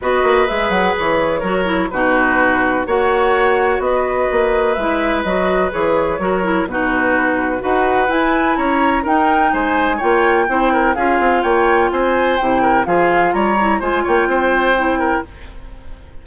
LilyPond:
<<
  \new Staff \with { instrumentName = "flute" } { \time 4/4 \tempo 4 = 126 dis''4 e''8 fis''8 cis''2 | b'2 fis''2 | dis''2 e''4 dis''4 | cis''2 b'2 |
fis''4 gis''4 ais''4 g''4 | gis''4 g''2 f''4 | g''4 gis''4 g''4 f''4 | ais''4 gis''8 g''2~ g''8 | }
  \new Staff \with { instrumentName = "oboe" } { \time 4/4 b'2. ais'4 | fis'2 cis''2 | b'1~ | b'4 ais'4 fis'2 |
b'2 cis''4 ais'4 | c''4 cis''4 c''8 ais'8 gis'4 | cis''4 c''4. ais'8 gis'4 | cis''4 c''8 cis''8 c''4. ais'8 | }
  \new Staff \with { instrumentName = "clarinet" } { \time 4/4 fis'4 gis'2 fis'8 e'8 | dis'2 fis'2~ | fis'2 e'4 fis'4 | gis'4 fis'8 e'8 dis'2 |
fis'4 e'2 dis'4~ | dis'4 f'4 e'4 f'4~ | f'2 e'4 f'4~ | f'8 e'8 f'2 e'4 | }
  \new Staff \with { instrumentName = "bassoon" } { \time 4/4 b8 ais8 gis8 fis8 e4 fis4 | b,2 ais2 | b4 ais4 gis4 fis4 | e4 fis4 b,2 |
dis'4 e'4 cis'4 dis'4 | gis4 ais4 c'4 cis'8 c'8 | ais4 c'4 c4 f4 | g4 gis8 ais8 c'2 | }
>>